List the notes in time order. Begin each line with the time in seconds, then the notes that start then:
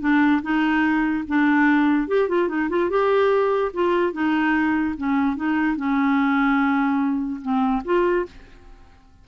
0.00 D4
0.42 D#4
1.28 D4
2.08 G4
2.28 F4
2.48 D#4
2.69 F4
2.90 G4
3.73 F4
4.12 D#4
4.97 C#4
5.36 D#4
5.76 C#4
7.42 C4
7.84 F4